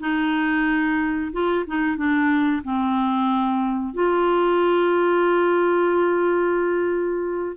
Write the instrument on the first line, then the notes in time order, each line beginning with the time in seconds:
clarinet
0.00 D#4
1.32 F4
1.67 D#4
1.97 D4
2.64 C4
3.94 F4